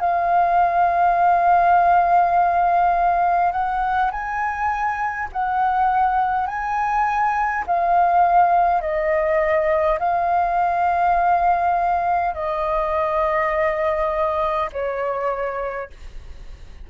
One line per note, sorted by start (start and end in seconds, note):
0.00 3.52 F5
3.52 4.11 F#5
4.11 5.28 G#5
5.32 6.47 F#5
6.47 7.64 G#5
7.66 8.81 F5
8.81 9.98 D#5
9.99 12.34 F5
12.34 14.70 D#5
14.72 15.90 C#5